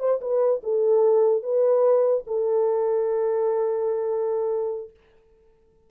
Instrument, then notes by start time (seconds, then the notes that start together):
horn
0.00 C5
0.22 B4
0.64 A4
1.43 B4
2.27 A4